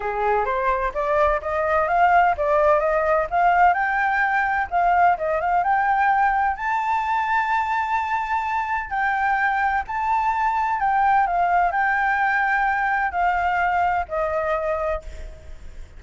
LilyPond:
\new Staff \with { instrumentName = "flute" } { \time 4/4 \tempo 4 = 128 gis'4 c''4 d''4 dis''4 | f''4 d''4 dis''4 f''4 | g''2 f''4 dis''8 f''8 | g''2 a''2~ |
a''2. g''4~ | g''4 a''2 g''4 | f''4 g''2. | f''2 dis''2 | }